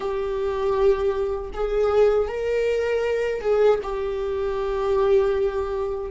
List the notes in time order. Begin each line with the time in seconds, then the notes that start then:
0.00 G4
1.53 G#4
2.28 A#4
3.41 G#4
3.83 G4